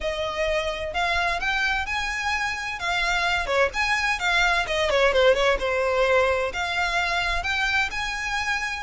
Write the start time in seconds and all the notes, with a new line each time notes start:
0.00 D#5
0.93 F5
1.40 G5
1.86 G#5
2.79 F5
3.46 C#5
3.73 G#5
4.19 F5
4.66 D#5
4.89 C#5
5.12 C5
5.34 C#5
5.59 C5
6.53 F5
7.43 G5
7.90 G#5